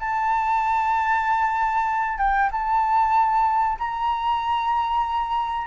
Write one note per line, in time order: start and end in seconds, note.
0.00 2.18 A5
2.18 2.50 G5
2.52 3.78 A5
3.79 5.67 A#5